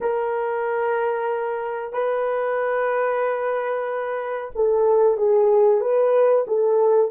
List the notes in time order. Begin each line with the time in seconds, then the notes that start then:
0.01 A#4
1.92 B4
4.55 A4
5.17 G#4
5.80 B4
6.47 A4